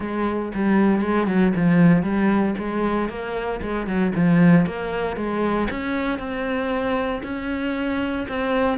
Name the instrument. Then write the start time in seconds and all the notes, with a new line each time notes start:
cello
0.00 G#3
0.54 G3
1.01 G#3
1.27 F#3
1.55 F3
2.03 G3
2.57 G#3
3.09 A#3
3.61 G#3
3.86 F#3
4.15 F3
4.66 A#3
5.16 G#3
5.70 C#4
6.18 C4
7.23 C#4
8.28 C4